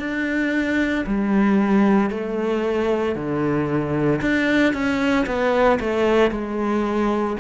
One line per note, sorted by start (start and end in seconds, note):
0.00 1.05 D4
1.07 2.11 G3
2.11 3.16 A3
3.16 4.21 D3
4.22 4.74 D4
4.74 5.26 C#4
5.27 5.79 B3
5.80 6.32 A3
6.32 7.37 G#3